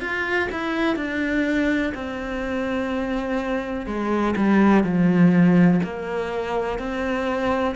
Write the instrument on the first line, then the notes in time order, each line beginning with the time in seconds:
cello
0.00 F4
0.51 E4
0.96 D4
1.94 C4
3.86 G#3
4.36 G3
4.83 F3
5.83 A#3
6.78 C4